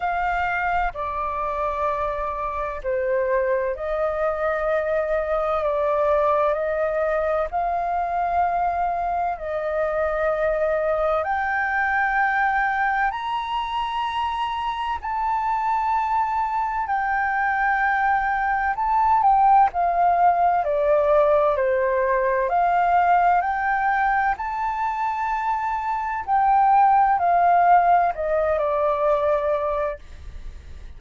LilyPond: \new Staff \with { instrumentName = "flute" } { \time 4/4 \tempo 4 = 64 f''4 d''2 c''4 | dis''2 d''4 dis''4 | f''2 dis''2 | g''2 ais''2 |
a''2 g''2 | a''8 g''8 f''4 d''4 c''4 | f''4 g''4 a''2 | g''4 f''4 dis''8 d''4. | }